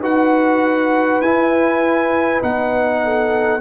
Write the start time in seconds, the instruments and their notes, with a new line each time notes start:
0.00 tuba D#4, trombone F#4, horn B4, trumpet F#5
1.21 tuba E4, trombone E4, trumpet G#5
2.41 tuba B3, trombone D#4, trumpet F#5
3.04 horn A4